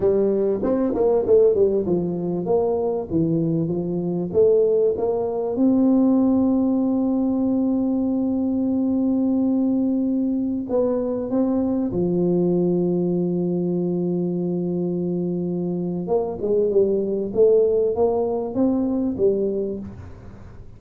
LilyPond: \new Staff \with { instrumentName = "tuba" } { \time 4/4 \tempo 4 = 97 g4 c'8 ais8 a8 g8 f4 | ais4 e4 f4 a4 | ais4 c'2.~ | c'1~ |
c'4~ c'16 b4 c'4 f8.~ | f1~ | f2 ais8 gis8 g4 | a4 ais4 c'4 g4 | }